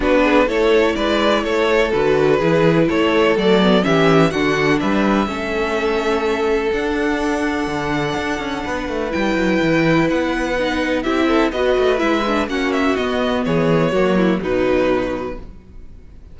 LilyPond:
<<
  \new Staff \with { instrumentName = "violin" } { \time 4/4 \tempo 4 = 125 b'4 cis''4 d''4 cis''4 | b'2 cis''4 d''4 | e''4 fis''4 e''2~ | e''2 fis''2~ |
fis''2. g''4~ | g''4 fis''2 e''4 | dis''4 e''4 fis''8 e''8 dis''4 | cis''2 b'2 | }
  \new Staff \with { instrumentName = "violin" } { \time 4/4 fis'8 gis'8 a'4 b'4 a'4~ | a'4 gis'4 a'2 | g'4 fis'4 b'4 a'4~ | a'1~ |
a'2 b'2~ | b'2. g'8 a'8 | b'2 fis'2 | gis'4 fis'8 e'8 dis'2 | }
  \new Staff \with { instrumentName = "viola" } { \time 4/4 d'4 e'2. | fis'4 e'2 a8 b8 | cis'4 d'2 cis'4~ | cis'2 d'2~ |
d'2. e'4~ | e'2 dis'4 e'4 | fis'4 e'8 d'8 cis'4 b4~ | b4 ais4 fis2 | }
  \new Staff \with { instrumentName = "cello" } { \time 4/4 b4 a4 gis4 a4 | d4 e4 a4 fis4 | e4 d4 g4 a4~ | a2 d'2 |
d4 d'8 cis'8 b8 a8 g8 fis8 | e4 b2 c'4 | b8 a8 gis4 ais4 b4 | e4 fis4 b,2 | }
>>